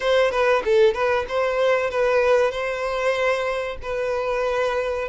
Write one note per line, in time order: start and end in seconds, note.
0.00 0.31 C5
0.31 0.62 B4
0.65 0.94 A4
0.94 1.25 B4
1.28 1.90 C5
1.90 2.51 B4
2.51 3.77 C5
3.82 5.08 B4